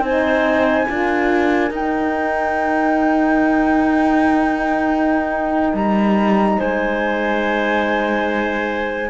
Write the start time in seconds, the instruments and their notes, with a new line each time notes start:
0.00 cello C4, horn D#4, clarinet C5, flute G#5
0.87 cello D4, horn F4, clarinet A#4
1.71 cello D#4, horn D#4, flute G5
5.74 cello G3, flute A#5
6.58 cello G#3, clarinet C5, flute G#5